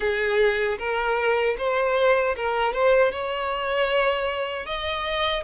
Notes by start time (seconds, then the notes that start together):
0.00 G#4
0.78 A#4
1.58 C5
2.36 A#4
2.73 C5
3.11 C#5
4.65 D#5